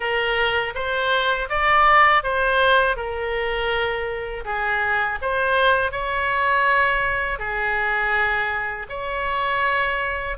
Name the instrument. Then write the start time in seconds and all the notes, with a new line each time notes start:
oboe
0.00 A#4
0.74 C5
1.48 D5
2.23 C5
2.96 A#4
4.44 G#4
5.21 C5
5.91 C#5
7.38 G#4
8.89 C#5